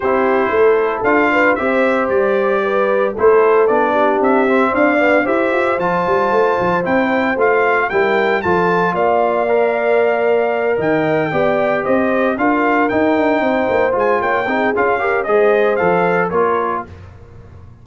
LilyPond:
<<
  \new Staff \with { instrumentName = "trumpet" } { \time 4/4 \tempo 4 = 114 c''2 f''4 e''4 | d''2 c''4 d''4 | e''4 f''4 e''4 a''4~ | a''4 g''4 f''4 g''4 |
a''4 f''2.~ | f''8 g''2 dis''4 f''8~ | f''8 g''2 gis''8 g''4 | f''4 dis''4 f''4 cis''4 | }
  \new Staff \with { instrumentName = "horn" } { \time 4/4 g'4 a'4. b'8 c''4~ | c''4 b'4 a'4. g'8~ | g'4 d''4 c''2~ | c''2. ais'4 |
a'4 d''2.~ | d''8 dis''4 d''4 c''4 ais'8~ | ais'4. c''4. cis''8 gis'8~ | gis'8 ais'8 c''2 ais'4 | }
  \new Staff \with { instrumentName = "trombone" } { \time 4/4 e'2 f'4 g'4~ | g'2 e'4 d'4~ | d'8 c'4 b8 g'4 f'4~ | f'4 e'4 f'4 e'4 |
f'2 ais'2~ | ais'4. g'2 f'8~ | f'8 dis'2 f'4 dis'8 | f'8 g'8 gis'4 a'4 f'4 | }
  \new Staff \with { instrumentName = "tuba" } { \time 4/4 c'4 a4 d'4 c'4 | g2 a4 b4 | c'4 d'4 e'8 f'8 f8 g8 | a8 f8 c'4 a4 g4 |
f4 ais2.~ | ais8 dis4 b4 c'4 d'8~ | d'8 dis'8 d'8 c'8 ais8 gis8 ais8 c'8 | cis'4 gis4 f4 ais4 | }
>>